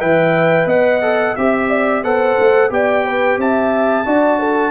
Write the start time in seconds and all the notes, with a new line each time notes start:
0.00 E3 B4 E5 G5
0.66 B3 D#5 F#5
1.02 A4
1.36 C4 G4 E5
1.70 D5
2.04 B3 A4 C5 F#5
2.40 A3
2.70 B3 G4 D5 G5
3.06 B4
3.37 C4 E5 A5
4.05 D4 F#4 D5
4.39 A4